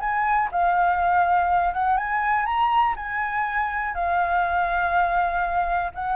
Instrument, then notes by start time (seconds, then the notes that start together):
flute
0.00 G#5
0.51 F5
1.74 F#5
1.97 G#5
2.46 A#5
2.96 G#5
3.94 F5
5.95 F#5